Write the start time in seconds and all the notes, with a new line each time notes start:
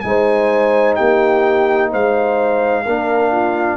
0.00 G#3 D#4 G#5
0.07 C5
0.95 A#3 G4 G5
1.91 G#3 C5 F5
2.85 A#3 D4 A#4
3.31 F4